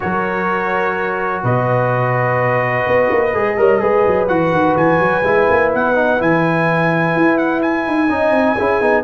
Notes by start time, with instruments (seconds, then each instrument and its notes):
0.00 tuba F#3, trombone F#4, horn A#4, trumpet C#5
1.43 tuba B2, horn B4, trumpet D#5
2.86 tuba B3
3.10 tuba A#3
3.33 tuba G#3, trombone G#4
3.57 tuba G3, trombone A#4, horn C#5
3.79 tuba G#3, trombone G#4, horn B4
4.06 tuba F#3
4.28 tuba E3, trombone F#4, trumpet F#5
4.52 tuba D#3
4.76 tuba E3, trumpet G#5
4.98 tuba F#3
5.22 tuba G#3, trombone E4
5.50 tuba A#3
5.74 tuba B3, trumpet F#5
5.94 trombone D#4
6.17 tuba E3, trombone E4, trumpet G#5
7.15 tuba E4
7.37 trumpet F#5
7.61 trumpet G#5
7.87 tuba D#4
8.08 tuba C#4, trombone D#4, horn D#5
8.30 tuba C4
8.56 tuba C#4, trombone E4, horn G#4
8.81 tuba B3, trombone D#4